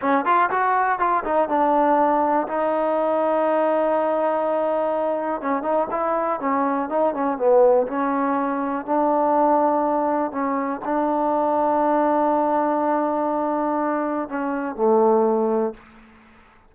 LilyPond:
\new Staff \with { instrumentName = "trombone" } { \time 4/4 \tempo 4 = 122 cis'8 f'8 fis'4 f'8 dis'8 d'4~ | d'4 dis'2.~ | dis'2. cis'8 dis'8 | e'4 cis'4 dis'8 cis'8 b4 |
cis'2 d'2~ | d'4 cis'4 d'2~ | d'1~ | d'4 cis'4 a2 | }